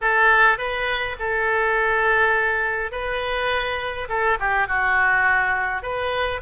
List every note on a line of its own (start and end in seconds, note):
0.01 0.58 A4
0.58 1.16 B4
1.19 2.91 A4
2.91 4.08 B4
4.08 4.37 A4
4.39 4.67 G4
4.67 5.82 F#4
5.82 6.41 B4